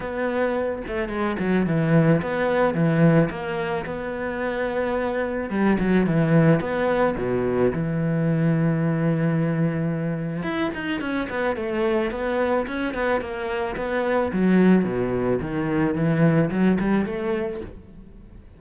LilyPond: \new Staff \with { instrumentName = "cello" } { \time 4/4 \tempo 4 = 109 b4. a8 gis8 fis8 e4 | b4 e4 ais4 b4~ | b2 g8 fis8 e4 | b4 b,4 e2~ |
e2. e'8 dis'8 | cis'8 b8 a4 b4 cis'8 b8 | ais4 b4 fis4 b,4 | dis4 e4 fis8 g8 a4 | }